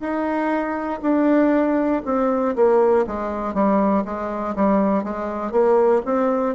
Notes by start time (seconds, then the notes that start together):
0.00 D#4
1.02 D4
2.05 C4
2.56 A#3
3.07 G#3
3.55 G3
4.05 G#3
4.55 G3
5.04 G#3
5.52 A#3
6.05 C4